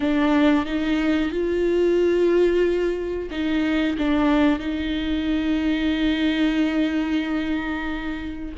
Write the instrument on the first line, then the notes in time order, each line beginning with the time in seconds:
viola
0.00 D4
0.65 D#4
1.31 F4
3.31 D#4
3.98 D4
4.59 D#4